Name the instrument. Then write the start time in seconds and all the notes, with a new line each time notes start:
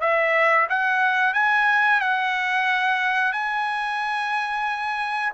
trumpet
0.00 E5
0.69 F#5
1.33 G#5
2.00 F#5
3.32 G#5